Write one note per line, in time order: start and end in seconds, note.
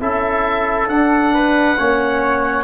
0.00 0.88 C#4
0.00 0.88 E4
0.00 1.34 A4
0.00 0.88 E5
0.88 1.76 D4
0.88 2.64 F#5
1.34 1.78 B4
1.76 2.64 A#3
1.76 2.64 C#4
1.76 2.64 C#5